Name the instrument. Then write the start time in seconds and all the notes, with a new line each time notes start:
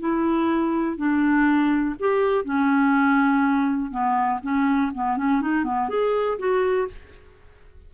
clarinet
0.00 E4
0.97 D4
1.99 G4
2.45 C#4
3.91 B3
4.43 C#4
4.95 B3
5.17 C#4
5.41 D#4
5.64 B3
5.89 G#4
6.39 F#4